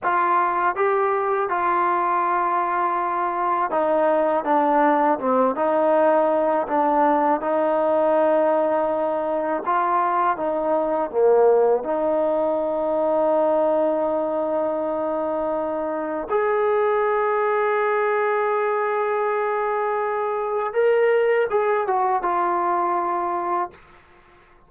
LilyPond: \new Staff \with { instrumentName = "trombone" } { \time 4/4 \tempo 4 = 81 f'4 g'4 f'2~ | f'4 dis'4 d'4 c'8 dis'8~ | dis'4 d'4 dis'2~ | dis'4 f'4 dis'4 ais4 |
dis'1~ | dis'2 gis'2~ | gis'1 | ais'4 gis'8 fis'8 f'2 | }